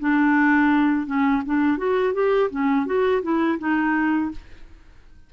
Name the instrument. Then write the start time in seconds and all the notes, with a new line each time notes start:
clarinet
0.00 D4
1.07 C#4
1.46 D4
1.78 F#4
2.14 G4
2.51 C#4
2.87 F#4
3.23 E4
3.59 D#4